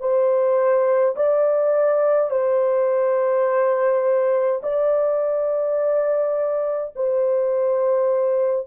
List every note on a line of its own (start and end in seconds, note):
0.00 1.15 C5
1.16 2.30 D5
2.30 4.61 C5
4.63 6.93 D5
6.95 8.67 C5